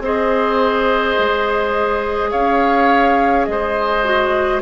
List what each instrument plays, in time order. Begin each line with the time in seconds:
0.00 bassoon C4, clarinet G#4, oboe C5, flute D#5
1.19 bassoon G#3
2.31 bassoon C#4, oboe C#5, flute F5
3.45 bassoon G#3, flute D#5
3.51 oboe C5
4.04 clarinet F#4